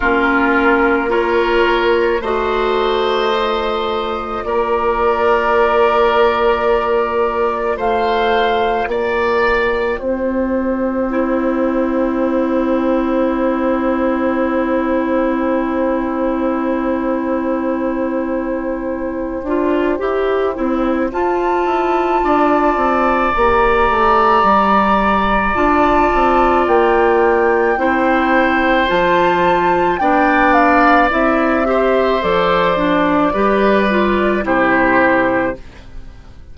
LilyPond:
<<
  \new Staff \with { instrumentName = "flute" } { \time 4/4 \tempo 4 = 54 ais'4 cis''4 dis''2 | d''2. f''4 | g''1~ | g''1~ |
g''2. a''4~ | a''4 ais''2 a''4 | g''2 a''4 g''8 f''8 | e''4 d''2 c''4 | }
  \new Staff \with { instrumentName = "oboe" } { \time 4/4 f'4 ais'4 c''2 | ais'2. c''4 | d''4 c''2.~ | c''1~ |
c''1 | d''1~ | d''4 c''2 d''4~ | d''8 c''4. b'4 g'4 | }
  \new Staff \with { instrumentName = "clarinet" } { \time 4/4 cis'4 f'4 fis'4 f'4~ | f'1~ | f'2 e'2~ | e'1~ |
e'4. f'8 g'8 e'8 f'4~ | f'4 g'2 f'4~ | f'4 e'4 f'4 d'4 | e'8 g'8 a'8 d'8 g'8 f'8 e'4 | }
  \new Staff \with { instrumentName = "bassoon" } { \time 4/4 ais2 a2 | ais2. a4 | ais4 c'2.~ | c'1~ |
c'4. d'8 e'8 c'8 f'8 e'8 | d'8 c'8 ais8 a8 g4 d'8 c'8 | ais4 c'4 f4 b4 | c'4 f4 g4 c4 | }
>>